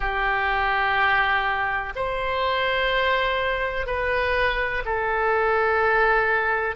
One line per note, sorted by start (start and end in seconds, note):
0.00 1.93 G4
1.95 3.86 C5
3.86 4.83 B4
4.85 6.75 A4